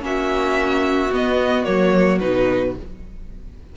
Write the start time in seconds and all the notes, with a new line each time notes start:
0.00 A#3 C#4 F#4 E5
1.11 B3 D#5
1.65 F#3 A#3 C#5
2.20 B2 D#4 B4